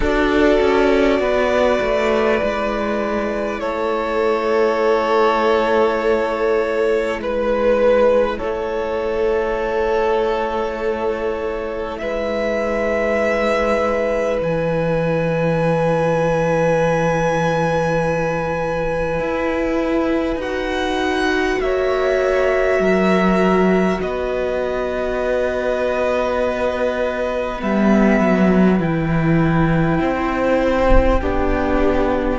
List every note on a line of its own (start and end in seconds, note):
0.00 0.58 D4
0.00 2.38 F#4
0.00 1.20 A4
0.00 3.60 D5
0.60 1.19 C#4
1.19 1.79 B3
1.19 3.60 B4
1.80 2.40 A3
2.38 3.60 G#3
2.38 20.38 E4
3.60 7.19 A3
3.60 7.20 A4
3.60 7.20 C#5
7.19 8.38 G#3
7.19 8.38 B4
8.38 12.01 A3
8.38 11.97 A4
8.38 11.97 C#5
11.97 14.41 G#3
11.97 21.62 B4
11.97 14.38 E5
14.41 19.19 E3
14.41 20.41 G#5
19.19 20.36 E4
20.36 21.56 D#4
20.36 27.56 F#4
20.36 21.60 F#5
21.60 22.79 A#3
21.60 22.81 C#5
21.60 24.00 E5
22.79 23.99 F#3
22.79 24.01 A#4
24.01 27.61 B3
24.01 30.00 B4
24.01 27.61 D#5
27.56 28.19 G3
27.56 28.76 B3
27.56 28.80 E5
28.19 28.79 F#3
28.78 29.99 E3
28.78 31.18 E4
28.78 32.39 G5
30.00 31.21 C4
30.00 31.20 C5
31.20 32.39 B3
31.20 32.39 D4
31.20 32.39 G4